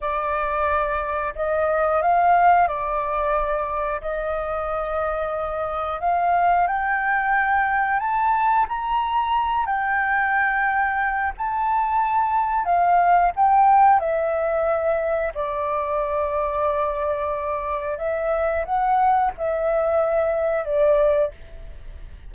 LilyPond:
\new Staff \with { instrumentName = "flute" } { \time 4/4 \tempo 4 = 90 d''2 dis''4 f''4 | d''2 dis''2~ | dis''4 f''4 g''2 | a''4 ais''4. g''4.~ |
g''4 a''2 f''4 | g''4 e''2 d''4~ | d''2. e''4 | fis''4 e''2 d''4 | }